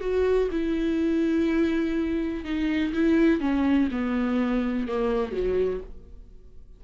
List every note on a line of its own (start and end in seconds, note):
0.00 0.48 F#4
0.51 2.44 E4
2.44 2.93 D#4
2.93 3.40 E4
3.40 3.88 C#4
3.91 4.87 B3
4.88 5.32 A#3
5.32 5.80 F#3